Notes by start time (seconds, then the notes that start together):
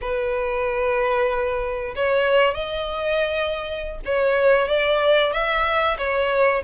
0.01 B4
1.95 C#5
2.54 D#5
4.05 C#5
4.68 D5
5.32 E5
5.98 C#5